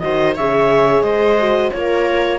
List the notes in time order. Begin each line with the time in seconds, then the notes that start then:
0.00 D#3 F#4 C5 D#5
0.36 C#3 G#4 C#5 E5
1.03 G#3 C5 D#5
1.39 F#4
1.72 A#3 F4 A#4 C#5